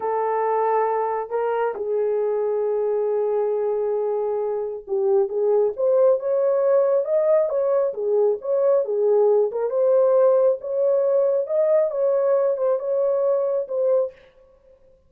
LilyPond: \new Staff \with { instrumentName = "horn" } { \time 4/4 \tempo 4 = 136 a'2. ais'4 | gis'1~ | gis'2. g'4 | gis'4 c''4 cis''2 |
dis''4 cis''4 gis'4 cis''4 | gis'4. ais'8 c''2 | cis''2 dis''4 cis''4~ | cis''8 c''8 cis''2 c''4 | }